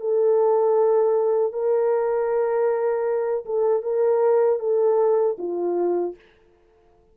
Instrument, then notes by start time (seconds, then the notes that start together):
horn
0.00 A4
1.52 A#4
3.45 A4
3.82 A#4
4.59 A4
5.38 F4